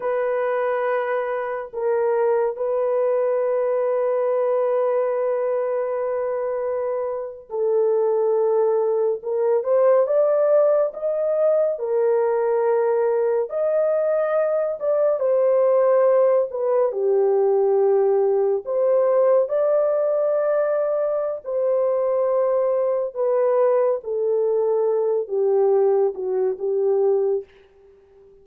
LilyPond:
\new Staff \with { instrumentName = "horn" } { \time 4/4 \tempo 4 = 70 b'2 ais'4 b'4~ | b'1~ | b'8. a'2 ais'8 c''8 d''16~ | d''8. dis''4 ais'2 dis''16~ |
dis''4~ dis''16 d''8 c''4. b'8 g'16~ | g'4.~ g'16 c''4 d''4~ d''16~ | d''4 c''2 b'4 | a'4. g'4 fis'8 g'4 | }